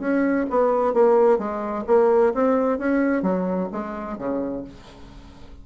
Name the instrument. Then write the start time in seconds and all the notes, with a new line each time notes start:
bassoon
0.00 C#4
0.50 B3
0.94 A#3
1.39 G#3
1.87 A#3
2.34 C4
2.79 C#4
3.23 F#3
3.72 G#3
4.18 C#3